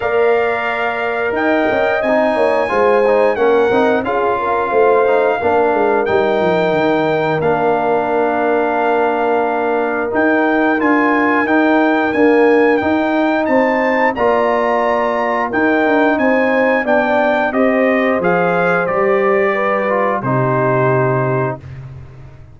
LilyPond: <<
  \new Staff \with { instrumentName = "trumpet" } { \time 4/4 \tempo 4 = 89 f''2 g''4 gis''4~ | gis''4 fis''4 f''2~ | f''4 g''2 f''4~ | f''2. g''4 |
gis''4 g''4 gis''4 g''4 | a''4 ais''2 g''4 | gis''4 g''4 dis''4 f''4 | d''2 c''2 | }
  \new Staff \with { instrumentName = "horn" } { \time 4/4 d''2 dis''4. cis''8 | c''4 ais'4 gis'8 ais'8 c''4 | ais'1~ | ais'1~ |
ais'1 | c''4 d''2 ais'4 | c''4 d''4 c''2~ | c''4 b'4 g'2 | }
  \new Staff \with { instrumentName = "trombone" } { \time 4/4 ais'2. dis'4 | f'8 dis'8 cis'8 dis'8 f'4. dis'8 | d'4 dis'2 d'4~ | d'2. dis'4 |
f'4 dis'4 ais4 dis'4~ | dis'4 f'2 dis'4~ | dis'4 d'4 g'4 gis'4 | g'4. f'8 dis'2 | }
  \new Staff \with { instrumentName = "tuba" } { \time 4/4 ais2 dis'8 cis'8 c'8 ais8 | gis4 ais8 c'8 cis'4 a4 | ais8 gis8 g8 f8 dis4 ais4~ | ais2. dis'4 |
d'4 dis'4 d'4 dis'4 | c'4 ais2 dis'8 d'8 | c'4 b4 c'4 f4 | g2 c2 | }
>>